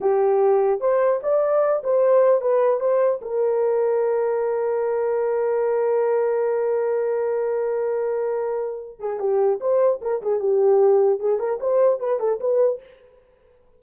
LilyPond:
\new Staff \with { instrumentName = "horn" } { \time 4/4 \tempo 4 = 150 g'2 c''4 d''4~ | d''8 c''4. b'4 c''4 | ais'1~ | ais'1~ |
ais'1~ | ais'2~ ais'8 gis'8 g'4 | c''4 ais'8 gis'8 g'2 | gis'8 ais'8 c''4 b'8 a'8 b'4 | }